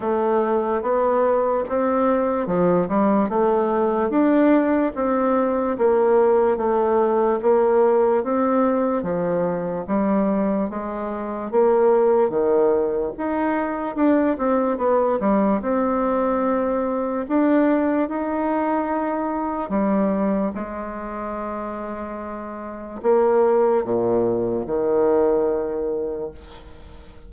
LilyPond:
\new Staff \with { instrumentName = "bassoon" } { \time 4/4 \tempo 4 = 73 a4 b4 c'4 f8 g8 | a4 d'4 c'4 ais4 | a4 ais4 c'4 f4 | g4 gis4 ais4 dis4 |
dis'4 d'8 c'8 b8 g8 c'4~ | c'4 d'4 dis'2 | g4 gis2. | ais4 ais,4 dis2 | }